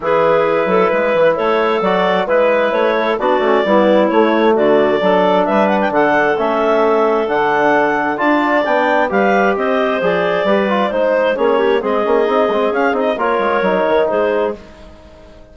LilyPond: <<
  \new Staff \with { instrumentName = "clarinet" } { \time 4/4 \tempo 4 = 132 b'2. cis''4 | d''4 b'4 cis''4 d''4~ | d''4 cis''4 d''2 | e''8 fis''16 g''16 fis''4 e''2 |
fis''2 a''4 g''4 | f''4 dis''4 d''2 | c''4 cis''4 dis''2 | f''8 dis''8 cis''2 c''4 | }
  \new Staff \with { instrumentName = "clarinet" } { \time 4/4 gis'4. a'8 b'4 a'4~ | a'4 b'4. a'8 fis'4 | e'2 fis'4 a'4 | b'4 a'2.~ |
a'2 d''2 | b'4 c''2 b'4 | c''4 gis'8 g'8 gis'2~ | gis'4 ais'2 gis'4 | }
  \new Staff \with { instrumentName = "trombone" } { \time 4/4 e'1 | fis'4 e'2 d'8 cis'8 | b4 a2 d'4~ | d'2 cis'2 |
d'2 f'4 d'4 | g'2 gis'4 g'8 f'8 | dis'4 cis'4 c'8 cis'8 dis'8 c'8 | cis'8 dis'8 f'4 dis'2 | }
  \new Staff \with { instrumentName = "bassoon" } { \time 4/4 e4. fis8 gis8 e8 a4 | fis4 gis4 a4 b8 a8 | g4 a4 d4 fis4 | g4 d4 a2 |
d2 d'4 b4 | g4 c'4 f4 g4 | gis4 ais4 gis8 ais8 c'8 gis8 | cis'8 c'8 ais8 gis8 fis8 dis8 gis4 | }
>>